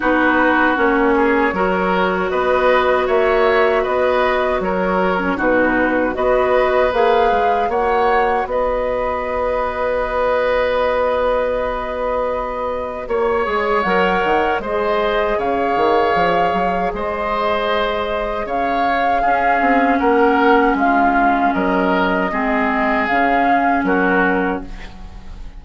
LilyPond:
<<
  \new Staff \with { instrumentName = "flute" } { \time 4/4 \tempo 4 = 78 b'4 cis''2 dis''4 | e''4 dis''4 cis''4 b'4 | dis''4 f''4 fis''4 dis''4~ | dis''1~ |
dis''4 cis''4 fis''4 dis''4 | f''2 dis''2 | f''2 fis''4 f''4 | dis''2 f''4 ais'4 | }
  \new Staff \with { instrumentName = "oboe" } { \time 4/4 fis'4. gis'8 ais'4 b'4 | cis''4 b'4 ais'4 fis'4 | b'2 cis''4 b'4~ | b'1~ |
b'4 cis''2 c''4 | cis''2 c''2 | cis''4 gis'4 ais'4 f'4 | ais'4 gis'2 fis'4 | }
  \new Staff \with { instrumentName = "clarinet" } { \time 4/4 dis'4 cis'4 fis'2~ | fis'2~ fis'8. cis'16 dis'4 | fis'4 gis'4 fis'2~ | fis'1~ |
fis'4. gis'8 ais'4 gis'4~ | gis'1~ | gis'4 cis'2.~ | cis'4 c'4 cis'2 | }
  \new Staff \with { instrumentName = "bassoon" } { \time 4/4 b4 ais4 fis4 b4 | ais4 b4 fis4 b,4 | b4 ais8 gis8 ais4 b4~ | b1~ |
b4 ais8 gis8 fis8 dis8 gis4 | cis8 dis8 f8 fis8 gis2 | cis4 cis'8 c'8 ais4 gis4 | fis4 gis4 cis4 fis4 | }
>>